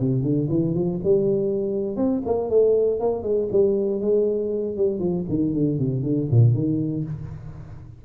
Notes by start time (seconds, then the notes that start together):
0.00 C3
0.22 D3
0.49 E3
0.74 F3
1.04 G3
1.96 C4
2.26 A#3
2.49 A3
3.00 A#3
3.23 G#3
3.52 G3
4.01 G#3
4.76 G3
4.99 F3
5.29 D#3
5.54 D3
5.79 C3
6.03 D3
6.31 A#2
6.54 D#3